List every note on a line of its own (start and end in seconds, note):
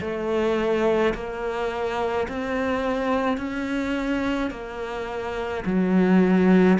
0.00 1.13 A3
1.14 2.27 A#3
2.28 3.37 C4
3.37 4.50 C#4
4.50 5.63 A#3
5.66 6.79 F#3